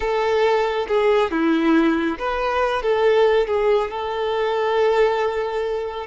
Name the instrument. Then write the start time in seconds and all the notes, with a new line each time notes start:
violin
0.00 A4
0.87 G#4
1.31 E4
2.19 B4
2.82 A4
3.47 G#4
3.91 A4